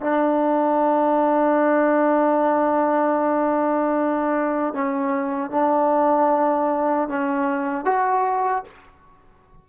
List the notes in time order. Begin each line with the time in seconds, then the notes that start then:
0.00 D4
4.74 C#4
5.50 D4
7.08 C#4
7.84 F#4